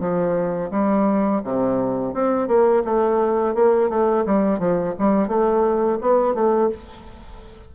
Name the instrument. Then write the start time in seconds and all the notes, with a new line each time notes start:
bassoon
0.00 F3
0.71 G3
1.44 C3
2.14 C4
2.48 A#3
2.85 A3
3.55 A#3
3.90 A3
4.26 G3
4.59 F3
4.99 G3
5.28 A3
6.01 B3
6.35 A3